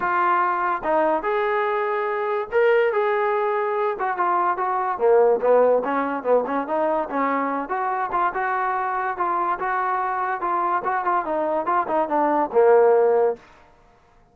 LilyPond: \new Staff \with { instrumentName = "trombone" } { \time 4/4 \tempo 4 = 144 f'2 dis'4 gis'4~ | gis'2 ais'4 gis'4~ | gis'4. fis'8 f'4 fis'4 | ais4 b4 cis'4 b8 cis'8 |
dis'4 cis'4. fis'4 f'8 | fis'2 f'4 fis'4~ | fis'4 f'4 fis'8 f'8 dis'4 | f'8 dis'8 d'4 ais2 | }